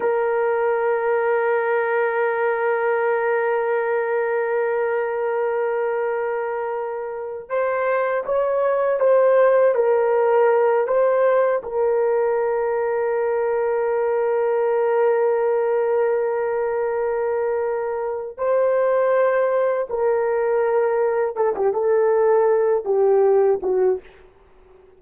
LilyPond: \new Staff \with { instrumentName = "horn" } { \time 4/4 \tempo 4 = 80 ais'1~ | ais'1~ | ais'2 c''4 cis''4 | c''4 ais'4. c''4 ais'8~ |
ais'1~ | ais'1~ | ais'8 c''2 ais'4.~ | ais'8 a'16 g'16 a'4. g'4 fis'8 | }